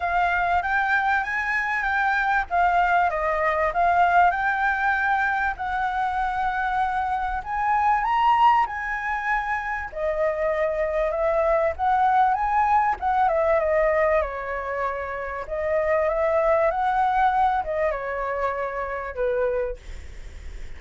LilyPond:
\new Staff \with { instrumentName = "flute" } { \time 4/4 \tempo 4 = 97 f''4 g''4 gis''4 g''4 | f''4 dis''4 f''4 g''4~ | g''4 fis''2. | gis''4 ais''4 gis''2 |
dis''2 e''4 fis''4 | gis''4 fis''8 e''8 dis''4 cis''4~ | cis''4 dis''4 e''4 fis''4~ | fis''8 dis''8 cis''2 b'4 | }